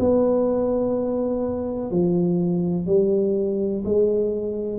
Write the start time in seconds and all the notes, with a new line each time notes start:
0.00 B3
1.91 F3
2.87 G3
3.85 G#3